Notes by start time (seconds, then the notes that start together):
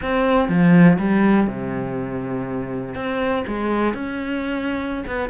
0.02 C4
0.49 F3
0.98 G3
1.47 C3
2.95 C4
3.47 G#3
3.93 C#4
5.07 B3